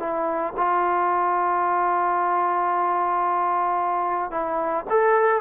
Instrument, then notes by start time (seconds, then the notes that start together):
trombone
0.00 E4
0.57 F4
4.31 E4
4.90 A4